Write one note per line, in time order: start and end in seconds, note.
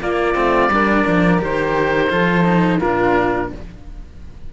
0.00 0.35 A#3
0.00 0.71 F4
0.00 1.42 D5
0.35 0.69 A3
0.35 0.69 C4
0.69 1.04 G3
0.69 1.38 D4
0.69 2.12 A#4
1.07 1.42 F3
1.38 2.11 D#3
1.38 2.08 G4
1.38 2.80 C5
2.10 2.81 F3
2.10 2.44 F4
2.10 2.78 A4
2.44 2.79 D#4
2.78 3.51 A#2
2.78 3.53 D4
2.78 3.48 F4
2.78 3.50 A#4